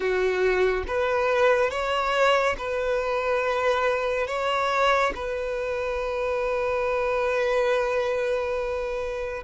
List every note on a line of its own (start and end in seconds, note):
0.00 0.84 F#4
0.87 1.70 B4
1.70 2.56 C#5
2.58 4.27 B4
4.27 5.12 C#5
5.15 9.43 B4